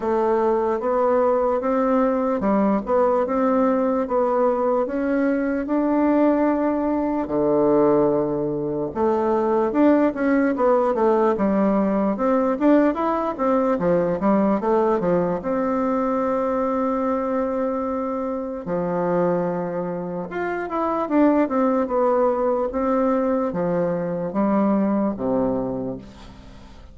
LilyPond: \new Staff \with { instrumentName = "bassoon" } { \time 4/4 \tempo 4 = 74 a4 b4 c'4 g8 b8 | c'4 b4 cis'4 d'4~ | d'4 d2 a4 | d'8 cis'8 b8 a8 g4 c'8 d'8 |
e'8 c'8 f8 g8 a8 f8 c'4~ | c'2. f4~ | f4 f'8 e'8 d'8 c'8 b4 | c'4 f4 g4 c4 | }